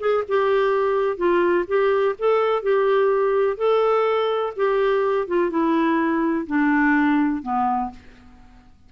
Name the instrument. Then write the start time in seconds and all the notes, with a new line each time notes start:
clarinet
0.00 G#4
0.28 G4
1.18 F4
1.68 G4
2.19 A4
2.63 G4
3.58 A4
4.57 G4
5.28 F4
5.51 E4
6.47 D4
7.43 B3